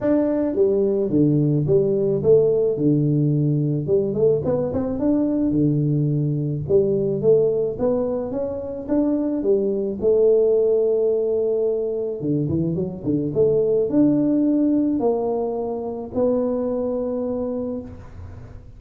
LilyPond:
\new Staff \with { instrumentName = "tuba" } { \time 4/4 \tempo 4 = 108 d'4 g4 d4 g4 | a4 d2 g8 a8 | b8 c'8 d'4 d2 | g4 a4 b4 cis'4 |
d'4 g4 a2~ | a2 d8 e8 fis8 d8 | a4 d'2 ais4~ | ais4 b2. | }